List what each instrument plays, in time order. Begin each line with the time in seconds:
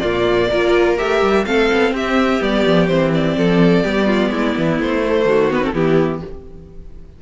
0.00 cello A#2, viola A#3, violin F4 D5
0.50 cello A#3, viola F4, violin A#4
0.98 cello A3, viola G4, violin E5
1.22 cello G3
1.45 cello A3, viola C4, violin A4 F5
1.73 cello B3
1.92 cello C4, violin G4 E5
2.41 cello G3, viola B3, violin D5
2.66 cello F3
2.88 cello E3, viola C4, violin C5
3.14 violin D5
3.37 cello F3, violin A4
3.84 cello G3, viola B3, violin G4
4.07 violin F4
4.30 cello G#3, violin E4
4.58 cello E3
4.79 cello A3, violin C5
5.06 viola A3
5.26 cello D#3, violin F#4
5.51 viola B3, violin B4
5.61 viola C4, violin A4
5.74 cello E3, viola B3, violin E4 G4